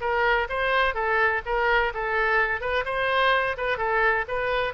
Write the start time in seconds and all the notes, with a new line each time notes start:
0.00 A#4
0.49 C5
0.94 A4
1.45 A#4
1.93 A4
2.60 B4
2.85 C5
3.57 B4
3.77 A4
4.28 B4